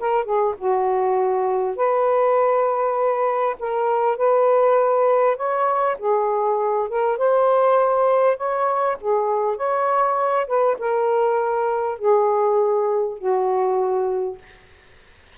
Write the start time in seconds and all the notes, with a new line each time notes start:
0.00 A#4
0.25 G#4
0.58 F#4
1.77 B4
3.60 A#4
4.18 B4
5.37 C#5
5.99 G#4
6.89 A#4
7.18 C5
8.38 C#5
9.01 G#4
9.57 C#5
10.48 B4
10.79 A#4
11.99 G#4
13.19 F#4